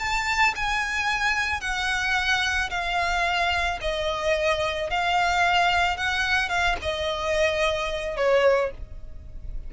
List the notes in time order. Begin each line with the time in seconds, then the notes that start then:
0.00 A5
0.56 G#5
1.61 F#5
2.70 F5
3.82 D#5
4.90 F5
5.98 F#5
6.49 F5
6.82 D#5
8.17 C#5